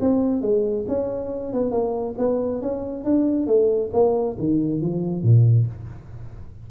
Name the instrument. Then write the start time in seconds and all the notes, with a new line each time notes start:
tuba
0.00 C4
0.41 G#3
0.88 C#4
1.52 B3
1.71 A#3
2.18 B3
2.61 C#4
3.04 D4
3.46 A3
3.93 A#3
4.39 D#3
4.81 F3
5.23 A#2